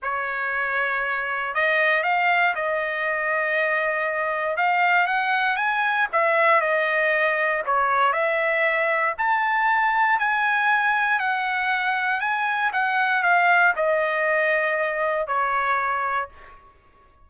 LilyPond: \new Staff \with { instrumentName = "trumpet" } { \time 4/4 \tempo 4 = 118 cis''2. dis''4 | f''4 dis''2.~ | dis''4 f''4 fis''4 gis''4 | e''4 dis''2 cis''4 |
e''2 a''2 | gis''2 fis''2 | gis''4 fis''4 f''4 dis''4~ | dis''2 cis''2 | }